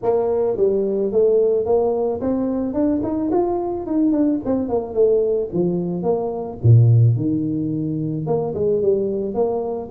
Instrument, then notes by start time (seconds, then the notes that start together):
tuba
0.02 A#3
0.57 G3
1.12 A3
1.65 A#3
2.20 C4
2.73 D4
3.03 D#4
3.31 F4
3.86 D#4
4.11 D4
4.45 C4
4.68 A#3
4.94 A3
5.52 F3
6.03 A#3
6.63 A#2
7.16 D#3
8.26 A#3
8.54 G#3
8.82 G3
9.34 A#3